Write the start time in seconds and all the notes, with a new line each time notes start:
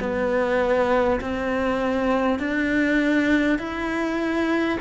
0.00 B3
1.21 C4
2.39 D4
3.58 E4